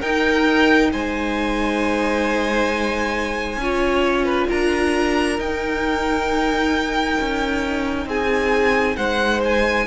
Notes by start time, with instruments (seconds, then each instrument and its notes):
0.00 viola D#4, cello D#4, violin A#4 G5
0.92 cello G#3, violin C5 G#5
3.57 cello C#4, viola F4, violin C#5
4.25 violin B4
4.48 cello D4, violin A#4 A#5
5.38 cello D#4, viola D#4, violin G5
7.21 cello C#4
8.06 cello C4, violin G#4 G#5
8.96 cello G#3, violin C5 F#5
9.44 violin G#5